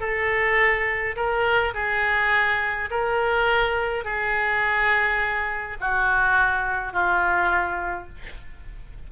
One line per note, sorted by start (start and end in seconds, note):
0.00 1.15 A4
1.16 1.74 A#4
1.74 2.89 G#4
2.91 4.04 A#4
4.04 5.77 G#4
5.80 6.93 F#4
6.93 8.08 F4